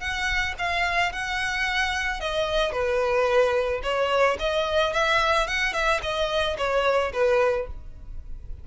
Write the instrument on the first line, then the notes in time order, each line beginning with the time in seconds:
violin
0.00 F#5
0.59 F5
1.13 F#5
2.21 D#5
2.72 B4
3.83 C#5
4.39 D#5
4.94 E5
5.47 F#5
5.73 E5
6.03 D#5
6.58 C#5
7.13 B4